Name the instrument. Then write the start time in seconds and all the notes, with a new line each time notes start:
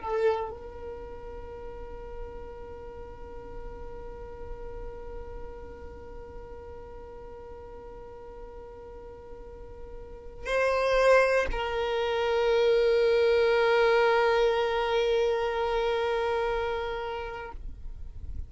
violin
0.00 A4
0.50 A#4
10.45 C5
11.51 A#4